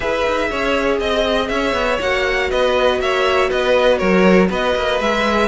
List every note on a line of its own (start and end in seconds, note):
0.00 0.23 E4
0.00 1.97 G#4
0.00 0.49 B4
0.00 0.99 E5
0.26 0.51 D#4
0.50 1.00 C#4
0.50 1.00 C#5
0.99 1.49 C4
0.99 1.48 D#5
0.99 1.51 D#5
1.48 1.73 C#4
1.48 2.50 C#5
1.48 1.98 E5
1.73 1.98 B3
2.01 2.51 A#3
2.01 5.01 F#4
2.01 2.50 F#5
2.50 2.99 B3
2.50 3.00 B4
2.50 3.00 D#5
2.99 3.49 A#3
2.99 3.49 C#5
2.99 3.50 E5
3.49 4.01 B3
3.49 3.98 B4
3.49 3.98 D#5
3.98 4.50 F#3
3.98 4.48 A#4
3.98 4.48 C#5
4.50 4.75 B3
4.50 5.47 B4
4.50 5.01 D#5
4.75 5.00 A#3
5.00 5.47 G#3
5.00 5.47 G#4
5.00 5.47 E5